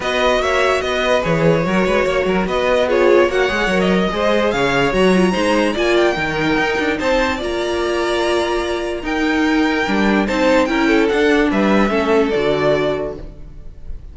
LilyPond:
<<
  \new Staff \with { instrumentName = "violin" } { \time 4/4 \tempo 4 = 146 dis''4 e''4 dis''4 cis''4~ | cis''2 dis''4 cis''4 | fis''4~ fis''16 dis''4.~ dis''16 f''4 | ais''2 gis''8 g''4.~ |
g''4 a''4 ais''2~ | ais''2 g''2~ | g''4 a''4 g''4 fis''4 | e''2 d''2 | }
  \new Staff \with { instrumentName = "violin" } { \time 4/4 b'4 cis''4 b'2 | ais'8 b'8 cis''8 ais'8 b'4 gis'4 | cis''2 c''4 cis''4~ | cis''4 c''4 d''4 ais'4~ |
ais'4 c''4 d''2~ | d''2 ais'2~ | ais'4 c''4 ais'8 a'4. | b'4 a'2. | }
  \new Staff \with { instrumentName = "viola" } { \time 4/4 fis'2. gis'4 | fis'2. f'4 | fis'8 gis'8 ais'4 gis'2 | fis'8 f'8 dis'4 f'4 dis'4~ |
dis'2 f'2~ | f'2 dis'2 | d'4 dis'4 e'4 d'4~ | d'4 cis'4 fis'2 | }
  \new Staff \with { instrumentName = "cello" } { \time 4/4 b4 ais4 b4 e4 | fis8 gis8 ais8 fis8 b2 | ais8 gis8 fis4 gis4 cis4 | fis4 gis4 ais4 dis4 |
dis'8 d'8 c'4 ais2~ | ais2 dis'2 | g4 c'4 cis'4 d'4 | g4 a4 d2 | }
>>